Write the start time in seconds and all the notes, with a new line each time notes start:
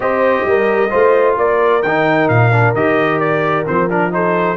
0.00 C4 G4 C5 D#5
0.44 G3 A#4
0.90 A3 F4 C5
1.37 A#3 A#4 D5
1.82 D#3 D#4 G5
2.28 A#2 F5
2.52 D4
2.73 D#3 G4 D#5
3.19 D5
3.65 F3 C4 C5
3.89 D4 A#4
4.11 D#4 A4 C5